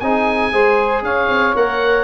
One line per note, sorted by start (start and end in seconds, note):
0.00 0.53 C4
0.00 0.52 D#4
0.00 0.52 G#4
0.00 1.03 G#5
0.52 1.02 G#3
0.52 1.56 G#4
0.52 1.04 C5
1.02 1.28 C#4
1.02 2.05 C#5
1.02 1.56 F5
1.28 1.54 C4
1.55 2.05 A#3
1.55 2.05 A#4
1.55 2.05 F#5